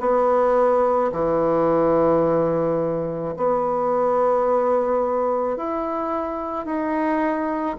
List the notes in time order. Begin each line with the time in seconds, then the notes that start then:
0.00 B3
1.12 E3
3.37 B3
5.57 E4
6.66 D#4